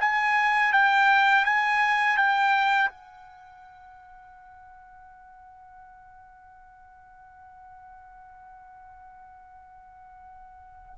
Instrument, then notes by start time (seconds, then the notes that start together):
trumpet
0.00 G#5
0.73 G5
1.45 G#5
2.17 G5
2.89 F#5